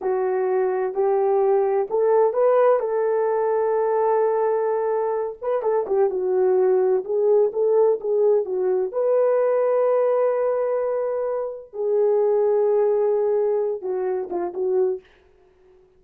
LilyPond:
\new Staff \with { instrumentName = "horn" } { \time 4/4 \tempo 4 = 128 fis'2 g'2 | a'4 b'4 a'2~ | a'2.~ a'8 b'8 | a'8 g'8 fis'2 gis'4 |
a'4 gis'4 fis'4 b'4~ | b'1~ | b'4 gis'2.~ | gis'4. fis'4 f'8 fis'4 | }